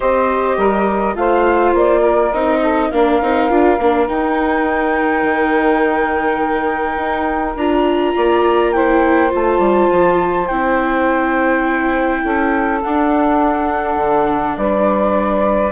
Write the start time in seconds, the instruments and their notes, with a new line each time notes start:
0.00 bassoon C4, viola G4, saxophone C5, flute D#5
0.57 bassoon G3, saxophone A#4
1.14 bassoon A3, viola F4, saxophone C5, flute F5
1.73 bassoon A#3, flute D5
2.00 saxophone A#4
2.32 bassoon C4, viola D#4, flute D#5
2.62 saxophone A4
2.89 bassoon A#3, viola D4, saxophone A#4, flute F5
3.21 bassoon C4, viola D#4
3.49 bassoon D4, viola F4
3.78 bassoon A#3, viola D4
4.07 viola D#4, bassoon D#4, flute G5
5.22 bassoon D#3
6.96 bassoon D#4
7.55 bassoon D4, viola F4, flute A#5
8.15 bassoon A#3, saxophone D5
8.72 viola E4, saxophone C5, flute G5
9.29 bassoon A3, viola F4, flute A5
9.58 bassoon G3
9.91 bassoon F3
10.46 bassoon C4, viola E4, flute G5
12.23 bassoon C#4, saxophone A4
12.82 viola D4, bassoon D4, flute F#5
13.96 bassoon D3
14.57 bassoon G3, saxophone B4, flute D5